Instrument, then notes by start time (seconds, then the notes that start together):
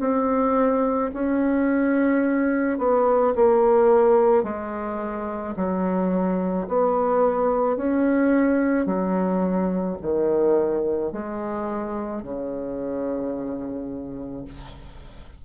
bassoon
0.00 C4
1.14 C#4
2.78 B3
3.35 A#3
4.43 G#3
5.56 F#3
6.68 B3
7.76 C#4
8.86 F#3
10.02 D#3
11.12 G#3
12.23 C#3